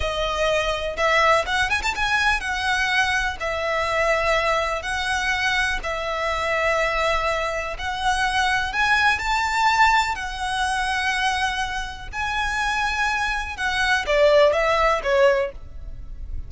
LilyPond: \new Staff \with { instrumentName = "violin" } { \time 4/4 \tempo 4 = 124 dis''2 e''4 fis''8 gis''16 a''16 | gis''4 fis''2 e''4~ | e''2 fis''2 | e''1 |
fis''2 gis''4 a''4~ | a''4 fis''2.~ | fis''4 gis''2. | fis''4 d''4 e''4 cis''4 | }